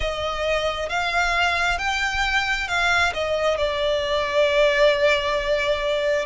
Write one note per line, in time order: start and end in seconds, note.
0.00 0.89 D#5
0.89 1.78 F5
1.78 2.67 G5
2.67 3.12 F5
3.13 3.57 D#5
3.57 6.25 D5